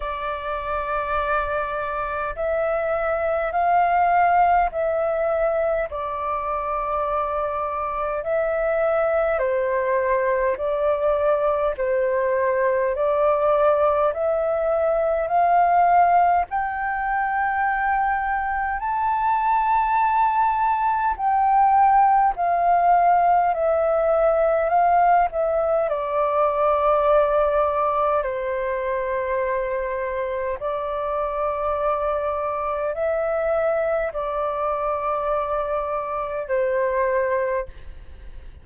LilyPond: \new Staff \with { instrumentName = "flute" } { \time 4/4 \tempo 4 = 51 d''2 e''4 f''4 | e''4 d''2 e''4 | c''4 d''4 c''4 d''4 | e''4 f''4 g''2 |
a''2 g''4 f''4 | e''4 f''8 e''8 d''2 | c''2 d''2 | e''4 d''2 c''4 | }